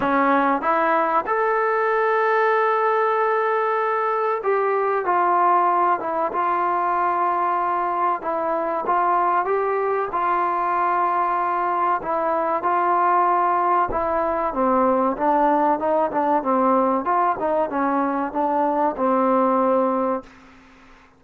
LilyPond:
\new Staff \with { instrumentName = "trombone" } { \time 4/4 \tempo 4 = 95 cis'4 e'4 a'2~ | a'2. g'4 | f'4. e'8 f'2~ | f'4 e'4 f'4 g'4 |
f'2. e'4 | f'2 e'4 c'4 | d'4 dis'8 d'8 c'4 f'8 dis'8 | cis'4 d'4 c'2 | }